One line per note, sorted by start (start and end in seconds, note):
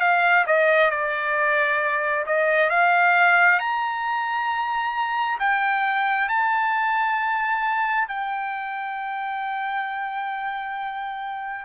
0.00 0.45 F5
0.46 0.90 D#5
0.90 2.25 D5
2.26 2.69 D#5
2.69 3.59 F5
3.59 5.38 A#5
5.39 6.28 G5
6.28 8.08 A5
8.08 11.64 G5